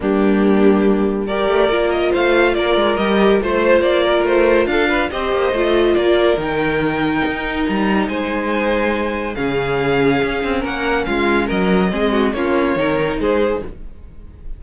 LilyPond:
<<
  \new Staff \with { instrumentName = "violin" } { \time 4/4 \tempo 4 = 141 g'2. d''4~ | d''8 dis''8 f''4 d''4 dis''4 | c''4 d''4 c''4 f''4 | dis''2 d''4 g''4~ |
g''2 ais''4 gis''4~ | gis''2 f''2~ | f''4 fis''4 f''4 dis''4~ | dis''4 cis''2 c''4 | }
  \new Staff \with { instrumentName = "violin" } { \time 4/4 d'2. ais'4~ | ais'4 c''4 ais'2 | c''4. ais'4. a'8 b'8 | c''2 ais'2~ |
ais'2. c''4~ | c''2 gis'2~ | gis'4 ais'4 f'4 ais'4 | gis'8 fis'8 f'4 ais'4 gis'4 | }
  \new Staff \with { instrumentName = "viola" } { \time 4/4 ais2. g'4 | f'2. g'4 | f'1 | g'4 f'2 dis'4~ |
dis'1~ | dis'2 cis'2~ | cis'1 | c'4 cis'4 dis'2 | }
  \new Staff \with { instrumentName = "cello" } { \time 4/4 g2.~ g8 a8 | ais4 a4 ais8 gis8 g4 | a4 ais4 a4 d'4 | c'8 ais8 a4 ais4 dis4~ |
dis4 dis'4 g4 gis4~ | gis2 cis2 | cis'8 c'8 ais4 gis4 fis4 | gis4 ais4 dis4 gis4 | }
>>